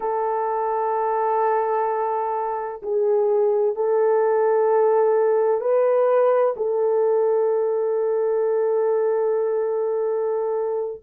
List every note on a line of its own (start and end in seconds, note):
0.00 2.81 A4
2.82 3.75 G#4
3.75 5.60 A4
5.60 6.54 B4
6.56 11.01 A4